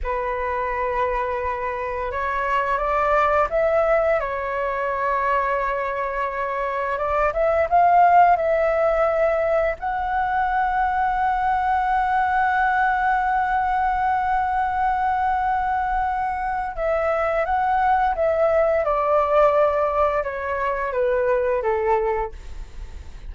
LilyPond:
\new Staff \with { instrumentName = "flute" } { \time 4/4 \tempo 4 = 86 b'2. cis''4 | d''4 e''4 cis''2~ | cis''2 d''8 e''8 f''4 | e''2 fis''2~ |
fis''1~ | fis''1 | e''4 fis''4 e''4 d''4~ | d''4 cis''4 b'4 a'4 | }